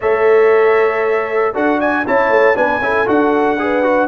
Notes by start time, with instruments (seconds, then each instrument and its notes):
0.00 tuba A3, trombone A4, horn C#5, trumpet E5
1.53 tuba D4, trombone F#4, horn A4, trumpet F#5
1.79 horn D5, trumpet G#5
2.05 tuba C#4, trombone E4, horn C#5, trumpet A5
2.29 tuba A3
2.54 tuba B3, trombone D4, horn B4, trumpet G#5
2.79 tuba C#4, trombone E4, horn A4
3.06 tuba D4, trombone F#4, trumpet F#5
3.59 trombone G#4, horn B4
3.82 trombone F#4